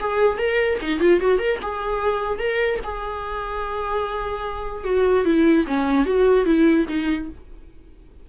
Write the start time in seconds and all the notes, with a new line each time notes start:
0.00 G#4
0.38 A#4
0.81 D#4
1.00 F4
1.20 F#4
1.39 A#4
1.62 G#4
2.39 A#4
2.84 G#4
4.84 F#4
5.25 E4
5.67 C#4
6.06 F#4
6.46 E4
6.88 D#4